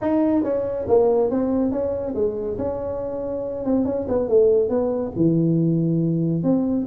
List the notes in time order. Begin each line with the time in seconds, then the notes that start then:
0.01 D#4
0.43 C#4
0.87 A#3
1.30 C4
1.71 C#4
2.14 G#3
2.57 C#4
3.64 C4
3.85 C#4
4.08 B3
4.28 A3
4.69 B3
5.16 E3
6.43 C4